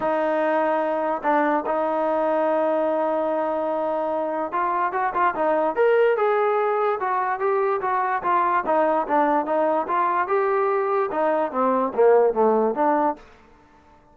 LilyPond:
\new Staff \with { instrumentName = "trombone" } { \time 4/4 \tempo 4 = 146 dis'2. d'4 | dis'1~ | dis'2. f'4 | fis'8 f'8 dis'4 ais'4 gis'4~ |
gis'4 fis'4 g'4 fis'4 | f'4 dis'4 d'4 dis'4 | f'4 g'2 dis'4 | c'4 ais4 a4 d'4 | }